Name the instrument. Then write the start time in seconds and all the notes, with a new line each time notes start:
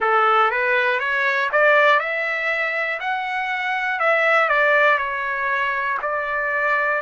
trumpet
0.00 A4
0.50 B4
0.99 C#5
1.51 D5
1.99 E5
3.00 F#5
4.00 E5
4.49 D5
4.97 C#5
6.01 D5